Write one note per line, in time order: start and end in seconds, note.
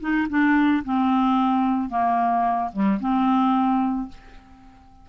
0.00 0.27 D#4
0.29 0.83 D4
0.84 1.89 C4
1.89 2.70 A#3
2.72 2.99 G3
3.00 4.08 C4